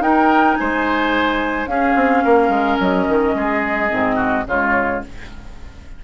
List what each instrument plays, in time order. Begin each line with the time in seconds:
0.00 bassoon D#4, clarinet D#4, oboe A#4, flute G5
0.55 bassoon G#3, oboe C5, flute G#5
1.66 bassoon C#4, clarinet C#4, oboe G#4, flute F5
1.95 bassoon C4
2.24 bassoon A#3, oboe A#4
2.49 bassoon G#3
2.80 bassoon F#3, flute D#5
3.08 bassoon D#3
3.35 bassoon G#3, oboe G#4
3.89 bassoon G#2, clarinet C4
4.16 oboe F#4
4.46 bassoon C#3, clarinet G#3, oboe F4, flute C#5